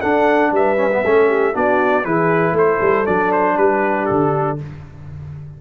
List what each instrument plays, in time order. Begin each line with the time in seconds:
0.00 trombone D4, tuba D4, horn A4, trumpet F#5
0.51 tuba G3, horn B4, trumpet E5
0.77 trombone C#4
0.92 trombone B3
1.03 tuba A3, trombone C#4, horn A4
1.28 horn G4
1.53 tuba B3, trombone D4, horn F#4, trumpet D5
2.04 tuba E3, trombone E4, horn G#4, trumpet B4
2.52 tuba A3, horn A4, trumpet C5
2.81 tuba G3
3.06 tuba F#3, trombone D4, trumpet D5
3.32 trumpet C5
3.56 tuba G3, horn G4, trumpet B4
4.05 tuba D3, trumpet A4